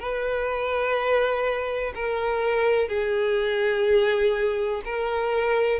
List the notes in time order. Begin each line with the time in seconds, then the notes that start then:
0.00 B4
1.95 A#4
2.89 G#4
4.85 A#4